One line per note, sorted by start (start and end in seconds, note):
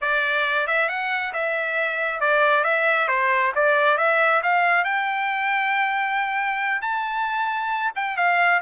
0.01 0.67 D5
0.67 0.88 E5
0.88 1.33 F#5
1.33 2.20 E5
2.20 2.64 D5
2.64 3.08 E5
3.08 3.52 C5
3.55 3.97 D5
3.97 4.41 E5
4.42 4.84 F5
4.84 6.81 G5
6.81 7.92 A5
7.95 8.16 G5
8.16 8.60 F5